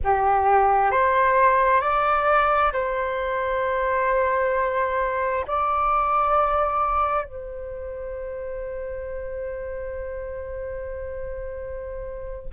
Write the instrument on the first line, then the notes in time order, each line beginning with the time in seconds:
flute
0.04 G4
0.91 C5
1.81 D5
2.72 C5
5.47 D5
7.24 C5